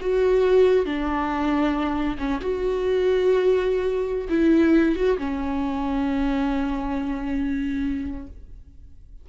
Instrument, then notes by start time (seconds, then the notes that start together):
viola
0.00 F#4
0.85 D4
2.18 C#4
2.40 F#4
4.29 E4
4.95 F#4
5.18 C#4